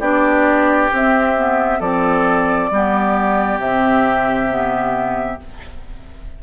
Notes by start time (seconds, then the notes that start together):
0.00 B3 D4 G4 D5
0.92 C4 E5
1.37 B3
1.80 F3 C4 A4 D5
2.70 G3 B3 G4
3.58 C3 C4 E5
4.49 B3